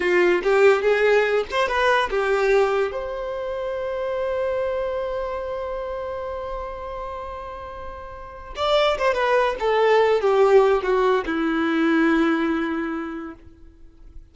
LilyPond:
\new Staff \with { instrumentName = "violin" } { \time 4/4 \tempo 4 = 144 f'4 g'4 gis'4. c''8 | b'4 g'2 c''4~ | c''1~ | c''1~ |
c''1~ | c''8 d''4 c''8 b'4 a'4~ | a'8 g'4. fis'4 e'4~ | e'1 | }